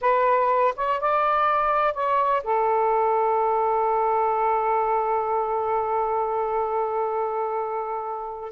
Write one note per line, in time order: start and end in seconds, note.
0.01 0.74 B4
0.76 1.00 C#5
1.00 1.94 D5
1.94 2.42 C#5
2.43 8.51 A4